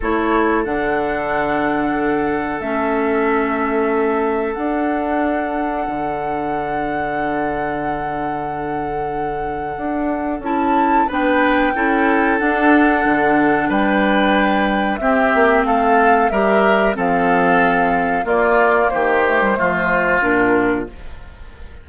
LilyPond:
<<
  \new Staff \with { instrumentName = "flute" } { \time 4/4 \tempo 4 = 92 cis''4 fis''2. | e''2. fis''4~ | fis''1~ | fis''1 |
a''4 g''2 fis''4~ | fis''4 g''2 e''4 | f''4 e''4 f''2 | d''4 c''2 ais'4 | }
  \new Staff \with { instrumentName = "oboe" } { \time 4/4 a'1~ | a'1~ | a'1~ | a'1~ |
a'4 b'4 a'2~ | a'4 b'2 g'4 | a'4 ais'4 a'2 | f'4 g'4 f'2 | }
  \new Staff \with { instrumentName = "clarinet" } { \time 4/4 e'4 d'2. | cis'2. d'4~ | d'1~ | d'1 |
e'4 d'4 e'4 d'4~ | d'2. c'4~ | c'4 g'4 c'2 | ais4. a16 g16 a4 d'4 | }
  \new Staff \with { instrumentName = "bassoon" } { \time 4/4 a4 d2. | a2. d'4~ | d'4 d2.~ | d2. d'4 |
cis'4 b4 cis'4 d'4 | d4 g2 c'8 ais8 | a4 g4 f2 | ais4 dis4 f4 ais,4 | }
>>